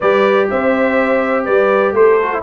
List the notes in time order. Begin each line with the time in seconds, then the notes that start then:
0.00 G3 G4 B4 D5
0.50 C4 C5 E5
1.44 G3 B4 D5
1.92 A3 A4 C5
2.22 F#4
2.33 E4